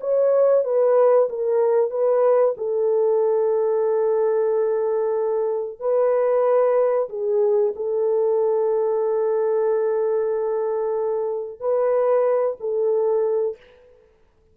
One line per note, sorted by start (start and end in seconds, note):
0.00 0.64 C#5
0.64 1.29 B4
1.29 1.90 A#4
1.90 2.55 B4
2.57 5.80 A4
5.80 7.09 B4
7.09 7.74 G#4
7.76 11.60 A4
11.60 12.57 B4
12.60 13.57 A4